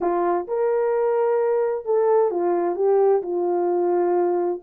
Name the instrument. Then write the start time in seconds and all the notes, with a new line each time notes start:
horn
0.00 F4
0.47 A#4
1.85 A4
2.30 F4
2.75 G4
3.22 F4